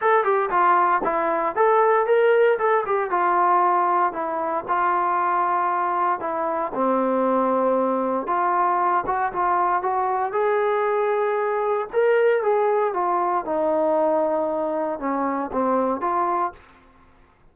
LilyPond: \new Staff \with { instrumentName = "trombone" } { \time 4/4 \tempo 4 = 116 a'8 g'8 f'4 e'4 a'4 | ais'4 a'8 g'8 f'2 | e'4 f'2. | e'4 c'2. |
f'4. fis'8 f'4 fis'4 | gis'2. ais'4 | gis'4 f'4 dis'2~ | dis'4 cis'4 c'4 f'4 | }